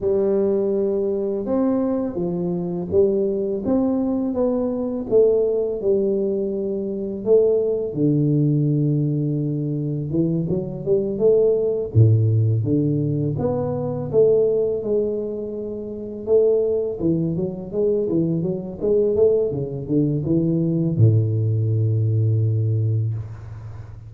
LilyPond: \new Staff \with { instrumentName = "tuba" } { \time 4/4 \tempo 4 = 83 g2 c'4 f4 | g4 c'4 b4 a4 | g2 a4 d4~ | d2 e8 fis8 g8 a8~ |
a8 a,4 d4 b4 a8~ | a8 gis2 a4 e8 | fis8 gis8 e8 fis8 gis8 a8 cis8 d8 | e4 a,2. | }